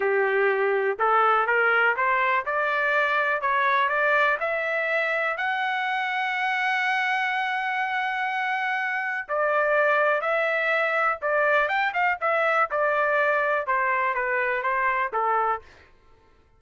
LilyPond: \new Staff \with { instrumentName = "trumpet" } { \time 4/4 \tempo 4 = 123 g'2 a'4 ais'4 | c''4 d''2 cis''4 | d''4 e''2 fis''4~ | fis''1~ |
fis''2. d''4~ | d''4 e''2 d''4 | g''8 f''8 e''4 d''2 | c''4 b'4 c''4 a'4 | }